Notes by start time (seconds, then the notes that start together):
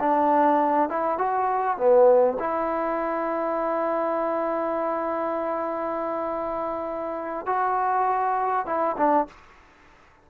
0.00 D4
0.89 E4
1.18 F#4
1.77 B3
2.39 E4
7.46 F#4
8.66 E4
8.97 D4